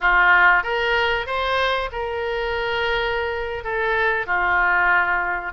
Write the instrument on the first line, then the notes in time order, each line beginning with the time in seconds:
oboe
0.00 F4
0.63 A#4
1.26 C5
1.92 A#4
3.63 A4
4.26 F4